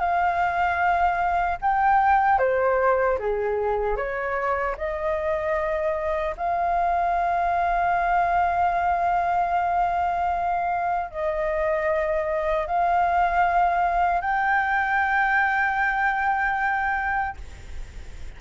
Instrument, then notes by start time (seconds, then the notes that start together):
flute
0.00 F5
1.61 G5
2.39 C5
3.19 G#4
3.97 C#5
4.78 D#5
6.37 F5
11.11 D#5
12.67 F5
14.21 G5